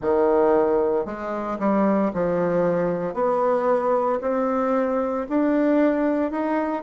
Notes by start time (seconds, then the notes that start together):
0.01 D#3
1.05 G#3
1.59 G3
2.13 F3
3.13 B3
4.21 C4
5.29 D4
6.31 D#4